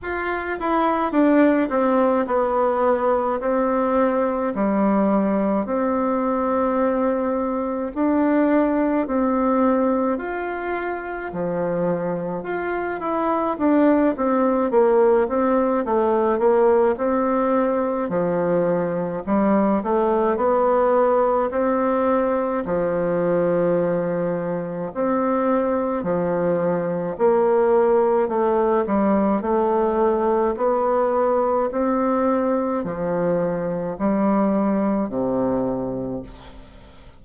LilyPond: \new Staff \with { instrumentName = "bassoon" } { \time 4/4 \tempo 4 = 53 f'8 e'8 d'8 c'8 b4 c'4 | g4 c'2 d'4 | c'4 f'4 f4 f'8 e'8 | d'8 c'8 ais8 c'8 a8 ais8 c'4 |
f4 g8 a8 b4 c'4 | f2 c'4 f4 | ais4 a8 g8 a4 b4 | c'4 f4 g4 c4 | }